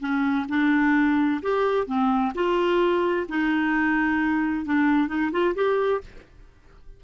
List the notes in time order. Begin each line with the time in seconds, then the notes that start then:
0.00 C#4
0.49 D4
1.42 G4
1.87 C4
2.34 F4
3.29 D#4
4.66 D4
5.08 D#4
5.32 F4
5.55 G4